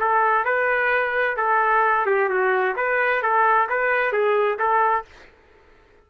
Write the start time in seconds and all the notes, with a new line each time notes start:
0.00 A4
0.45 B4
1.37 A4
2.06 G4
2.30 F#4
2.77 B4
3.23 A4
3.70 B4
4.13 G#4
4.59 A4